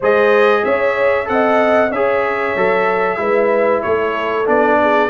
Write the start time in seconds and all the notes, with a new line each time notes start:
0.00 G#3 G#4 C5 D#5
0.64 C#4 C#5 E5
1.25 C4 A4 F#5
1.32 D#5
1.91 C#4 G#4 C#5 E5
2.56 F#3 A4
3.17 G#3 E4 B4
3.82 A3 A4 C#5
4.46 B3 D4 D5
4.81 G#4